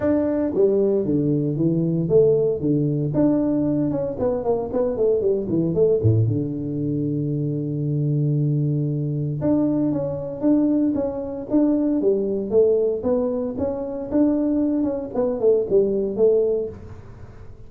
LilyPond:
\new Staff \with { instrumentName = "tuba" } { \time 4/4 \tempo 4 = 115 d'4 g4 d4 e4 | a4 d4 d'4. cis'8 | b8 ais8 b8 a8 g8 e8 a8 a,8 | d1~ |
d2 d'4 cis'4 | d'4 cis'4 d'4 g4 | a4 b4 cis'4 d'4~ | d'8 cis'8 b8 a8 g4 a4 | }